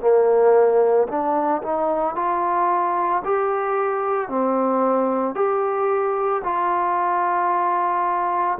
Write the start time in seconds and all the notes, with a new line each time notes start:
0.00 A#3
1.08 D4
1.63 D#4
2.15 F4
3.24 G4
4.29 C4
5.35 G4
6.44 F4